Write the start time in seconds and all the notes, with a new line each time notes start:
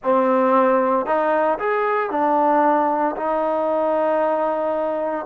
0.03 C4
1.05 D#4
1.58 G#4
2.10 D4
3.16 D#4